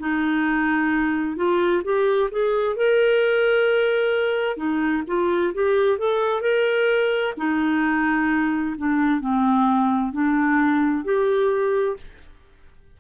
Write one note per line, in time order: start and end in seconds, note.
0.00 1.36 D#4
1.36 1.83 F4
1.84 2.30 G4
2.31 2.76 G#4
2.76 4.57 A#4
4.57 5.03 D#4
5.07 5.53 F4
5.54 5.98 G4
5.98 6.42 A4
6.42 7.34 A#4
7.37 8.76 D#4
8.78 9.21 D4
9.21 10.12 C4
10.12 11.04 D4
11.04 11.97 G4